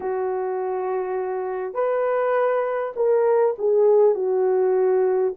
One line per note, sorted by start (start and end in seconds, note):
0.00 1.74 F#4
1.74 2.92 B4
2.95 3.55 A#4
3.58 4.14 G#4
4.14 5.33 F#4